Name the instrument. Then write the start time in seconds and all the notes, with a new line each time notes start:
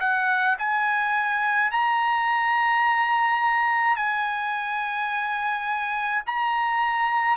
trumpet
0.00 F#5
0.59 G#5
1.71 A#5
3.96 G#5
6.26 A#5